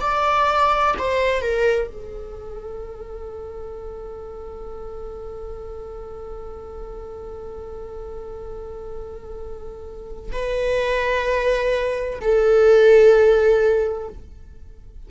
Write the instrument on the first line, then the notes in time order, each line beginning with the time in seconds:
viola
0.00 D5
0.98 C5
1.41 A#4
1.87 A4
10.32 B4
12.20 A4